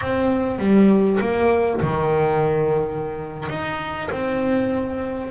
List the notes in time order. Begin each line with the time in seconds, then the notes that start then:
0.01 C4
0.58 G3
1.20 A#3
1.81 D#3
3.48 D#4
4.10 C4